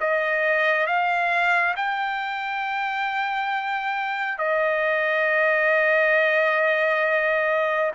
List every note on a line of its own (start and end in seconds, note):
0.00 0.86 D#5
0.86 1.74 F5
1.76 4.38 G5
4.38 7.91 D#5